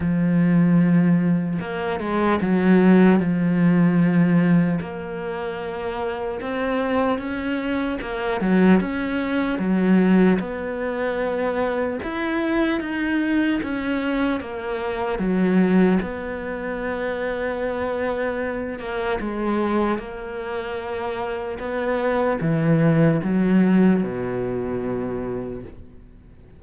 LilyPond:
\new Staff \with { instrumentName = "cello" } { \time 4/4 \tempo 4 = 75 f2 ais8 gis8 fis4 | f2 ais2 | c'4 cis'4 ais8 fis8 cis'4 | fis4 b2 e'4 |
dis'4 cis'4 ais4 fis4 | b2.~ b8 ais8 | gis4 ais2 b4 | e4 fis4 b,2 | }